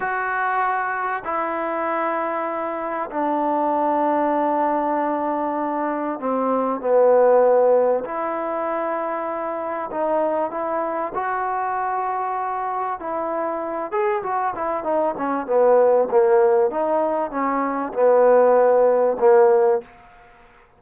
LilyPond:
\new Staff \with { instrumentName = "trombone" } { \time 4/4 \tempo 4 = 97 fis'2 e'2~ | e'4 d'2.~ | d'2 c'4 b4~ | b4 e'2. |
dis'4 e'4 fis'2~ | fis'4 e'4. gis'8 fis'8 e'8 | dis'8 cis'8 b4 ais4 dis'4 | cis'4 b2 ais4 | }